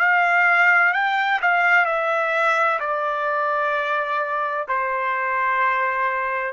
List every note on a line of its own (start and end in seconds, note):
0.00 0.94 F5
0.94 1.41 G5
1.42 1.86 F5
1.86 2.80 E5
2.80 4.67 D5
4.68 6.53 C5